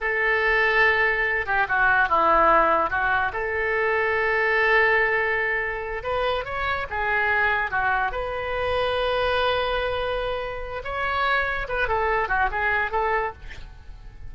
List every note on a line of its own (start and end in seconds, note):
0.00 1.45 A4
1.45 1.66 G4
1.68 2.09 F#4
2.09 2.90 E4
2.90 3.31 F#4
3.32 6.03 A4
6.03 6.44 B4
6.44 6.86 C#5
6.90 7.70 G#4
7.70 8.11 F#4
8.11 10.82 B4
10.83 11.67 C#5
11.68 11.87 B4
11.87 12.28 A4
12.28 12.49 F#4
12.51 12.91 G#4
12.91 13.32 A4